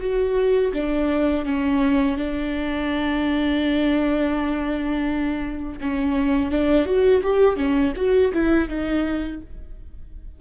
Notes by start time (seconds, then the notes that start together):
0.00 F#4
0.73 D4
1.45 C#4
2.17 D4
5.80 C#4
6.51 D4
6.85 F#4
7.23 G4
7.56 C#4
7.96 F#4
8.33 E4
8.68 D#4